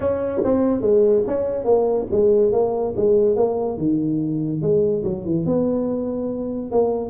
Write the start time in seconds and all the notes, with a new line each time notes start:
0.00 C#4
0.43 C4
0.81 G#3
1.26 C#4
1.64 A#3
2.11 G#3
2.52 A#3
2.96 G#3
3.36 A#3
3.77 D#3
4.61 G#3
5.03 F#3
5.24 E3
5.45 B3
6.71 A#3